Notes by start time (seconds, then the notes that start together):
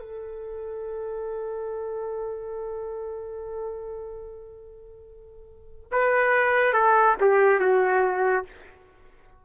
0.00 A4
5.92 B4
6.74 A4
7.21 G4
7.61 F#4